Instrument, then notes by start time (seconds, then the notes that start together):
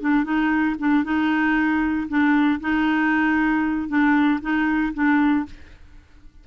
clarinet
0.00 D4
0.24 D#4
0.79 D4
1.04 D#4
2.08 D4
2.60 D#4
3.88 D4
4.41 D#4
4.94 D4